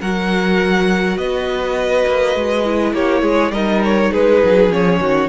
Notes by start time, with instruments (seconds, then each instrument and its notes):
0.00 cello F#3, viola F#4, violin A#4 F#5
1.17 cello B3, violin B4 D#5
2.06 cello A#3
2.35 cello G#3
2.64 viola E4
2.93 cello A#3, violin G4 C#5
3.22 cello G#3, violin G#4
3.51 cello G3, viola D#4, violin A#4 D#5
3.84 violin C#5
4.11 cello G#3, violin G#4 B4
4.44 cello F#3
4.69 cello F3, viola C#4, violin C#5
4.99 cello D#3, violin F#4